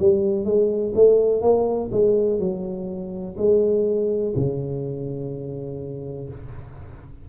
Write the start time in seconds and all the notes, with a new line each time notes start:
0.00 G3
0.45 G#3
0.95 A3
1.42 A#3
1.92 G#3
2.40 F#3
3.38 G#3
4.36 C#3